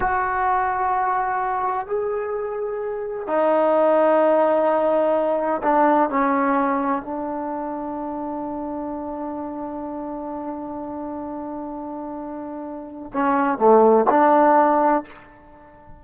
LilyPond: \new Staff \with { instrumentName = "trombone" } { \time 4/4 \tempo 4 = 128 fis'1 | gis'2. dis'4~ | dis'1 | d'4 cis'2 d'4~ |
d'1~ | d'1~ | d'1 | cis'4 a4 d'2 | }